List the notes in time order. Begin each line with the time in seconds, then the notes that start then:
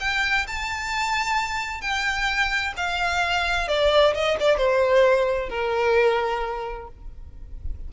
0.00 G5
0.47 A5
1.81 G5
2.77 F5
3.68 D5
4.14 D#5
4.40 D5
4.57 C5
5.49 A#4